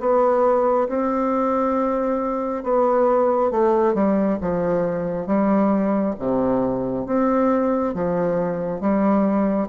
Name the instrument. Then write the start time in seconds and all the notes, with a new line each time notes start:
bassoon
0.00 B3
0.89 C4
2.64 B3
3.52 A3
3.95 G3
4.42 F3
5.27 G3
6.20 C3
7.07 C4
7.95 F3
8.81 G3